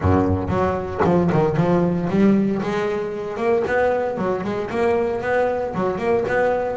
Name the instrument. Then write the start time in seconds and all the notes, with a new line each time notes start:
double bass
0.00 F#2
0.48 F#3
1.04 F3
1.32 D#3
1.56 F3
2.09 G3
2.62 G#3
3.37 A#3
3.67 B3
4.17 F#3
4.43 G#3
4.70 A#3
5.21 B3
5.74 F#3
5.98 A#3
6.28 B3